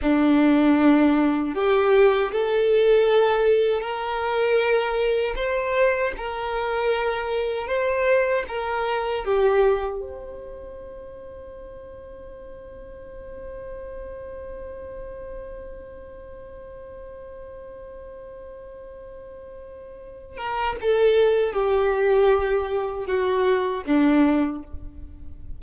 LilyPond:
\new Staff \with { instrumentName = "violin" } { \time 4/4 \tempo 4 = 78 d'2 g'4 a'4~ | a'4 ais'2 c''4 | ais'2 c''4 ais'4 | g'4 c''2.~ |
c''1~ | c''1~ | c''2~ c''8 ais'8 a'4 | g'2 fis'4 d'4 | }